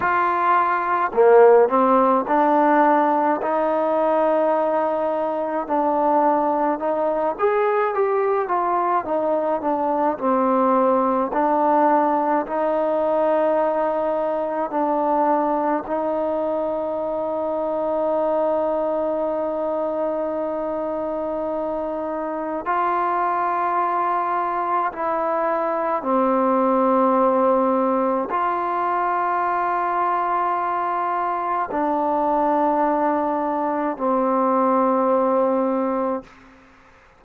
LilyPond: \new Staff \with { instrumentName = "trombone" } { \time 4/4 \tempo 4 = 53 f'4 ais8 c'8 d'4 dis'4~ | dis'4 d'4 dis'8 gis'8 g'8 f'8 | dis'8 d'8 c'4 d'4 dis'4~ | dis'4 d'4 dis'2~ |
dis'1 | f'2 e'4 c'4~ | c'4 f'2. | d'2 c'2 | }